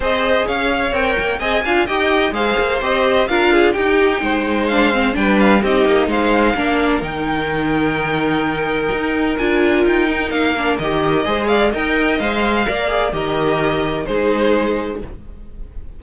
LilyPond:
<<
  \new Staff \with { instrumentName = "violin" } { \time 4/4 \tempo 4 = 128 dis''4 f''4 g''4 gis''4 | g''4 f''4 dis''4 f''4 | g''2 f''4 g''8 f''8 | dis''4 f''2 g''4~ |
g''1 | gis''4 g''4 f''4 dis''4~ | dis''8 f''8 g''4 f''2 | dis''2 c''2 | }
  \new Staff \with { instrumentName = "violin" } { \time 4/4 c''4 cis''2 dis''8 f''8 | dis''4 c''2 ais'8 gis'8 | g'4 c''2 b'4 | g'4 c''4 ais'2~ |
ais'1~ | ais'1 | c''8 d''8 dis''2 d''4 | ais'2 gis'2 | }
  \new Staff \with { instrumentName = "viola" } { \time 4/4 gis'2 ais'4 gis'8 f'8 | g'4 gis'4 g'4 f'4 | dis'2 d'8 c'8 d'4 | dis'2 d'4 dis'4~ |
dis'1 | f'4. dis'4 d'8 g'4 | gis'4 ais'4 c''4 ais'8 gis'8 | g'2 dis'2 | }
  \new Staff \with { instrumentName = "cello" } { \time 4/4 c'4 cis'4 c'8 ais8 c'8 d'8 | dis'4 gis8 ais8 c'4 d'4 | dis'4 gis2 g4 | c'8 ais8 gis4 ais4 dis4~ |
dis2. dis'4 | d'4 dis'4 ais4 dis4 | gis4 dis'4 gis4 ais4 | dis2 gis2 | }
>>